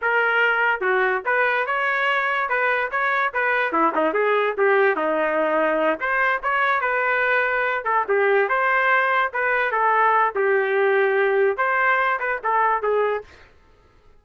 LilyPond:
\new Staff \with { instrumentName = "trumpet" } { \time 4/4 \tempo 4 = 145 ais'2 fis'4 b'4 | cis''2 b'4 cis''4 | b'4 e'8 dis'8 gis'4 g'4 | dis'2~ dis'8 c''4 cis''8~ |
cis''8 b'2~ b'8 a'8 g'8~ | g'8 c''2 b'4 a'8~ | a'4 g'2. | c''4. b'8 a'4 gis'4 | }